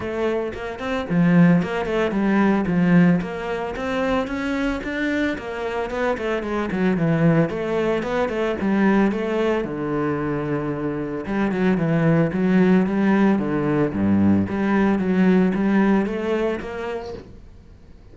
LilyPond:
\new Staff \with { instrumentName = "cello" } { \time 4/4 \tempo 4 = 112 a4 ais8 c'8 f4 ais8 a8 | g4 f4 ais4 c'4 | cis'4 d'4 ais4 b8 a8 | gis8 fis8 e4 a4 b8 a8 |
g4 a4 d2~ | d4 g8 fis8 e4 fis4 | g4 d4 g,4 g4 | fis4 g4 a4 ais4 | }